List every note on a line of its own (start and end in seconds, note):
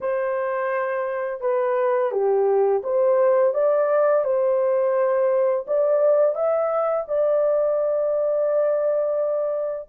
0.00 1.41 C5
1.41 2.11 B4
2.11 2.82 G4
2.83 3.54 C5
3.54 4.24 D5
4.24 5.65 C5
5.67 6.35 D5
6.35 7.05 E5
7.08 9.89 D5